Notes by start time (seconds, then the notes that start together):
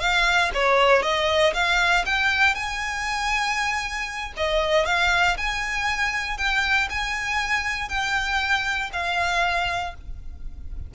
0.00 F5
0.54 C#5
1.02 D#5
1.54 F5
2.05 G5
2.55 G#5
4.37 D#5
4.86 F5
5.37 G#5
6.37 G5
6.89 G#5
7.89 G5
8.93 F5